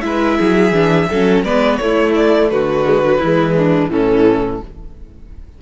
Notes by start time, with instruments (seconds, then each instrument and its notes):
0.00 cello G#3, viola E4, violin B4 E5
0.38 cello F#3, violin G#4
0.72 cello E3, viola D4
1.10 cello F#3, viola C#4, violin A4
1.43 cello G#3, viola B3, violin B4 D5
1.76 viola A3, cello A3, violin C#5
1.83 violin E4
2.15 violin D5
2.50 cello D3, violin F#4 B4
2.84 viola G#3
3.04 viola F#3
3.18 cello E3, viola G#3, violin E4
3.57 violin D4
3.89 cello A2, viola E3, violin C#4 A4